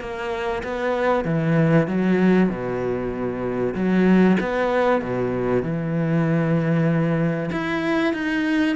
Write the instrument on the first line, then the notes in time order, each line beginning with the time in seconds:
cello
0.00 A#3
0.63 B3
1.24 E3
1.87 F#3
2.49 B2
3.74 F#3
4.40 B3
5.01 B2
5.62 E3
7.51 E4
8.13 D#4